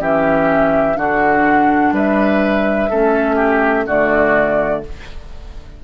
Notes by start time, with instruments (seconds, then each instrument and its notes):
0.00 bassoon E3, clarinet C#4, oboe G4, flute E5
0.96 bassoon D3, clarinet D4, oboe F#4, flute F#5
1.92 bassoon G3, oboe B4, flute E5
2.90 bassoon A3, clarinet C#4, oboe A4
3.36 oboe G4
3.87 bassoon D3, clarinet A3, oboe F#4, flute D5